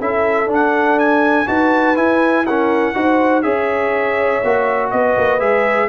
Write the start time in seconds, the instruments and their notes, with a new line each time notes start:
0.00 tuba C#4, trombone E4, horn A4, trumpet E5
0.47 tuba D4, trombone D4
0.54 trumpet F#5
0.99 trumpet G#5
1.47 tuba D#4, trombone F#4, horn B4, trumpet A5
1.96 trombone E4, tuba E4, trumpet G#5
2.45 trombone C#4, horn A#4, trumpet F#5
2.94 tuba D#4, trombone F#4, horn C5
3.42 tuba C#4, trombone G#4, horn C#5, trumpet E5
4.44 tuba A#3, trombone F#4
4.91 tuba B3, horn B4, trumpet D#5
5.18 tuba A#3
5.40 tuba G#3, trombone G#4, trumpet E5